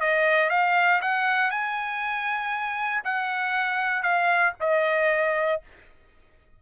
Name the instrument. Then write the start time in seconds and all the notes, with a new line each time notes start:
trumpet
0.00 D#5
0.50 F5
1.01 F#5
1.50 G#5
3.04 F#5
4.03 F5
4.60 D#5